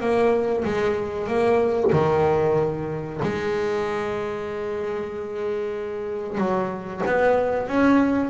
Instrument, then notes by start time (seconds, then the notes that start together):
double bass
0.00 A#3
0.64 G#3
1.27 A#3
1.93 D#3
3.22 G#3
6.37 F#3
7.06 B3
7.67 C#4